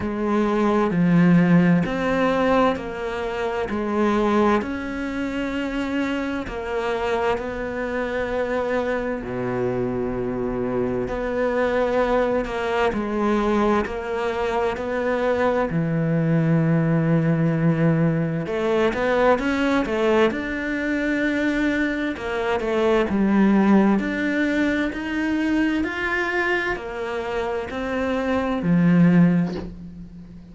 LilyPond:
\new Staff \with { instrumentName = "cello" } { \time 4/4 \tempo 4 = 65 gis4 f4 c'4 ais4 | gis4 cis'2 ais4 | b2 b,2 | b4. ais8 gis4 ais4 |
b4 e2. | a8 b8 cis'8 a8 d'2 | ais8 a8 g4 d'4 dis'4 | f'4 ais4 c'4 f4 | }